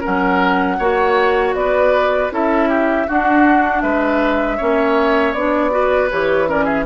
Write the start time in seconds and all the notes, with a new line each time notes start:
0.00 C#4 A#4 F#5
0.06 F#3
0.78 A#3 F#4 C#5
1.54 B3 B4 D5
2.30 C#4 E4 A4 E5
2.68 G4
3.07 D4 F#4 F#5
3.81 G#3 B4 E5
4.57 A#3 C#4 C#5
5.33 B3 D4 D5
5.70 F#4 B4
6.10 E3 G4 C#5
6.47 C#4 A#4 D5
6.64 G#4 E5